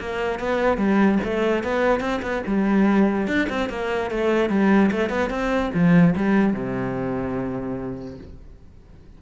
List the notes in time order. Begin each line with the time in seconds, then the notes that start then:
0.00 A#3
0.39 B3
0.78 G3
1.24 A3
1.64 B3
2.00 C4
2.22 B3
2.47 G3
3.27 D4
3.49 C4
3.69 A#3
4.11 A3
4.50 G3
4.91 A3
5.10 B3
5.30 C4
5.74 F3
6.16 G3
6.53 C3